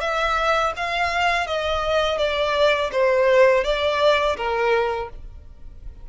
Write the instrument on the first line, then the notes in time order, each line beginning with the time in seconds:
violin
0.00 E5
0.76 F5
1.47 D#5
2.18 D5
2.92 C5
3.64 D5
4.36 A#4